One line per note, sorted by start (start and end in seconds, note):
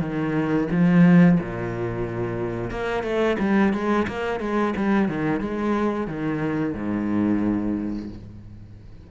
0.00 0.67 D#3
0.71 1.39 F3
1.40 2.70 A#2
2.70 3.03 A#3
3.03 3.36 A3
3.39 3.73 G3
3.73 4.07 G#3
4.07 4.40 A#3
4.40 4.73 G#3
4.76 5.08 G3
5.08 5.40 D#3
5.40 6.07 G#3
6.07 6.74 D#3
6.74 8.09 G#2